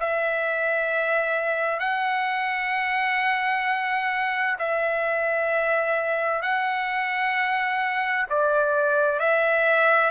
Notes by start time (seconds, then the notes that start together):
0.00 E5
1.80 F#5
4.59 E5
6.42 F#5
8.30 D5
9.20 E5